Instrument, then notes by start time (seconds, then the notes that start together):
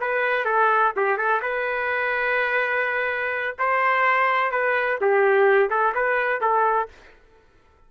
trumpet
0.00 B4
0.45 A4
0.96 G4
1.17 A4
1.42 B4
3.58 C5
4.51 B4
5.01 G4
5.70 A4
5.95 B4
6.41 A4